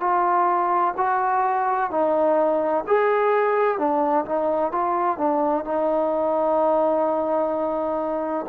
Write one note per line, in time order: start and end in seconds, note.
0.00 0.94 F4
0.96 1.90 F#4
1.90 2.84 D#4
2.86 3.78 G#4
3.78 4.25 D4
4.25 4.71 D#4
4.71 5.18 F4
5.18 5.64 D4
5.64 8.45 D#4